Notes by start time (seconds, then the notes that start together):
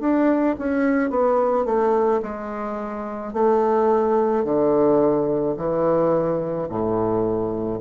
0.00 D4
0.58 C#4
1.10 B3
1.65 A3
2.22 G#3
3.33 A3
4.44 D3
5.57 E3
6.69 A2